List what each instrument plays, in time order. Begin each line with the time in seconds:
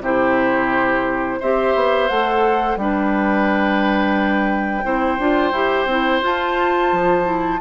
0.00 bassoon C3, clarinet E4, oboe G4, flute C5
1.40 bassoon C4, clarinet G4, oboe C5, flute E5
1.75 bassoon B3
2.09 bassoon A3, clarinet A4, flute F#5
2.76 bassoon G3, clarinet D4, oboe B4, flute G5
4.84 bassoon C4, clarinet E4, oboe C5
5.19 bassoon D4, clarinet F4
5.52 bassoon E4, clarinet G4
5.86 bassoon C4, clarinet E4
6.22 clarinet F4, bassoon F4, flute A5
6.92 bassoon F3
7.24 clarinet E4